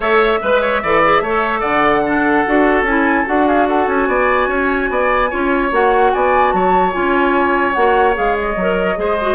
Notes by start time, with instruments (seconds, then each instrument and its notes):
0.00 bassoon A3, clarinet A4, oboe C#5, flute E5
0.42 bassoon G#3, oboe B4, clarinet B4
0.61 oboe C#5
0.82 bassoon E3, clarinet A4, oboe D5
1.04 clarinet G#4
1.20 bassoon A3, clarinet A4, oboe C#5
1.60 bassoon D3, oboe D5, flute F#5
2.05 clarinet D4, oboe A4
2.46 bassoon D4, clarinet F#4
2.82 bassoon C#4, clarinet E4, flute G#5
3.25 bassoon D4, clarinet F#4, flute F#5
3.47 oboe G#4, flute F5
3.68 oboe A4, flute F#5
3.87 bassoon C#4, flute G#5
4.07 bassoon B3, oboe D5
4.47 bassoon C#4, oboe C#5
4.90 bassoon B3, oboe D5
5.30 bassoon C#4, clarinet F4, oboe C#5
5.71 bassoon A#3, clarinet F#4, flute F#5
6.12 bassoon B3, oboe D5, flute G#5
6.51 bassoon F#3, oboe C#5, flute A5
6.91 bassoon C#4, clarinet F4, flute G#5
7.73 bassoon A#3, clarinet F#4, flute F#5
8.13 bassoon G#3, clarinet G#4, flute F5
8.38 flute D#5
8.56 bassoon F#3, clarinet A#4
8.96 bassoon G#3, clarinet G#4, oboe C5
9.21 clarinet F#4